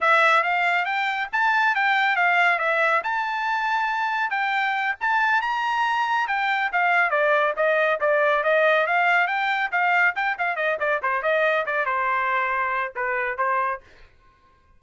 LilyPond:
\new Staff \with { instrumentName = "trumpet" } { \time 4/4 \tempo 4 = 139 e''4 f''4 g''4 a''4 | g''4 f''4 e''4 a''4~ | a''2 g''4. a''8~ | a''8 ais''2 g''4 f''8~ |
f''8 d''4 dis''4 d''4 dis''8~ | dis''8 f''4 g''4 f''4 g''8 | f''8 dis''8 d''8 c''8 dis''4 d''8 c''8~ | c''2 b'4 c''4 | }